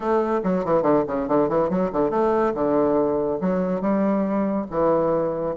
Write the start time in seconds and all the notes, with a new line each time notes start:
0.00 A3
0.43 F#3
0.64 E3
0.82 D3
1.07 C#3
1.28 D3
1.48 E3
1.69 F#3
1.92 D3
2.10 A3
2.54 D3
3.40 F#3
3.81 G3
4.70 E3